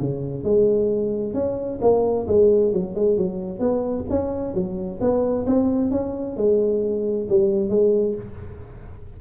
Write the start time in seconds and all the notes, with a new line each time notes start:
0.00 C#3
0.44 G#3
1.34 C#4
1.82 A#3
2.28 G#3
2.73 F#3
2.95 G#3
3.18 F#3
3.60 B3
4.10 C#4
4.54 F#3
5.01 B3
5.47 C4
5.91 C#4
6.37 G#3
7.30 G3
7.70 G#3